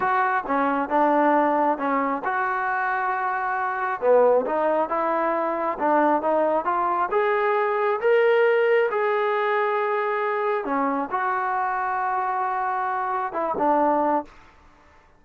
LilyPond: \new Staff \with { instrumentName = "trombone" } { \time 4/4 \tempo 4 = 135 fis'4 cis'4 d'2 | cis'4 fis'2.~ | fis'4 b4 dis'4 e'4~ | e'4 d'4 dis'4 f'4 |
gis'2 ais'2 | gis'1 | cis'4 fis'2.~ | fis'2 e'8 d'4. | }